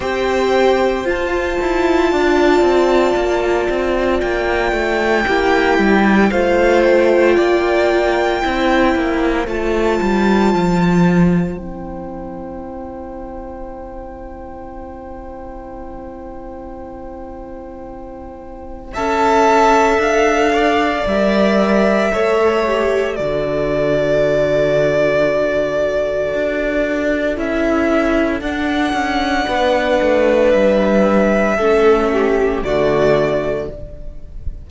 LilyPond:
<<
  \new Staff \with { instrumentName = "violin" } { \time 4/4 \tempo 4 = 57 g''4 a''2. | g''2 f''8 g''4.~ | g''4 a''2 g''4~ | g''1~ |
g''2 a''4 f''4 | e''2 d''2~ | d''2 e''4 fis''4~ | fis''4 e''2 d''4 | }
  \new Staff \with { instrumentName = "violin" } { \time 4/4 c''2 d''2~ | d''4 g'4 c''4 d''4 | c''1~ | c''1~ |
c''2 e''4. d''8~ | d''4 cis''4 a'2~ | a'1 | b'2 a'8 g'8 fis'4 | }
  \new Staff \with { instrumentName = "viola" } { \time 4/4 g'4 f'2.~ | f'4 e'4 f'2 | e'4 f'2 e'4~ | e'1~ |
e'2 a'2 | ais'4 a'8 g'8 fis'2~ | fis'2 e'4 d'4~ | d'2 cis'4 a4 | }
  \new Staff \with { instrumentName = "cello" } { \time 4/4 c'4 f'8 e'8 d'8 c'8 ais8 c'8 | ais8 a8 ais8 g8 a4 ais4 | c'8 ais8 a8 g8 f4 c'4~ | c'1~ |
c'2 cis'4 d'4 | g4 a4 d2~ | d4 d'4 cis'4 d'8 cis'8 | b8 a8 g4 a4 d4 | }
>>